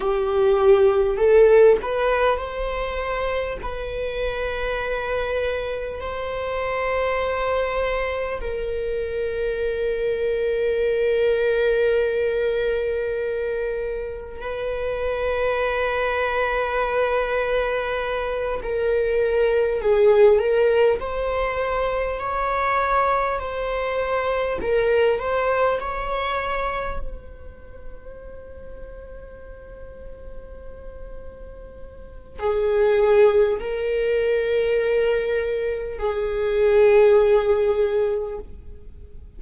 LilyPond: \new Staff \with { instrumentName = "viola" } { \time 4/4 \tempo 4 = 50 g'4 a'8 b'8 c''4 b'4~ | b'4 c''2 ais'4~ | ais'1 | b'2.~ b'8 ais'8~ |
ais'8 gis'8 ais'8 c''4 cis''4 c''8~ | c''8 ais'8 c''8 cis''4 c''4.~ | c''2. gis'4 | ais'2 gis'2 | }